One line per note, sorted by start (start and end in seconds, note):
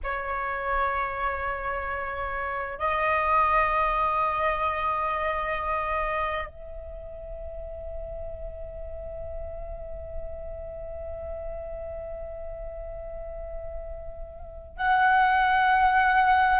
0.03 2.78 C#5
2.78 6.46 D#5
6.46 14.77 E5
14.77 16.59 F#5